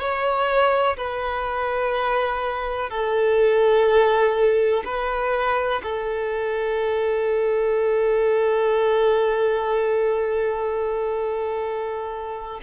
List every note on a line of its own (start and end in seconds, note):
0.00 0.97 C#5
0.97 2.90 B4
2.90 4.83 A4
4.85 5.82 B4
5.83 12.61 A4